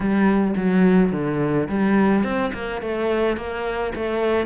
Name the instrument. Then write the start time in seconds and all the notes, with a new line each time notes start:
cello
0.00 G3
0.56 F#3
1.12 D3
1.68 G3
2.23 C4
2.53 A#3
2.81 A3
3.36 A#3
3.95 A3